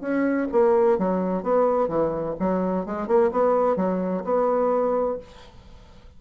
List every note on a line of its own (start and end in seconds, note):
0.00 0.47 C#4
0.51 0.98 A#3
0.98 1.43 F#3
1.43 1.88 B3
1.88 2.35 E3
2.39 2.85 F#3
2.85 3.07 G#3
3.07 3.30 A#3
3.31 3.76 B3
3.76 4.23 F#3
4.24 5.18 B3